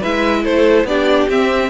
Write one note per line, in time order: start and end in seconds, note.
0.00 0.45 G#3
0.00 0.87 E4
0.00 0.42 B4
0.00 0.44 E5
0.44 0.84 A3
0.44 0.86 A4
0.44 0.87 C5
0.84 1.27 B3
0.84 1.29 D4
0.84 1.70 G4
0.84 1.29 D5
1.29 1.70 C4
1.29 1.70 E5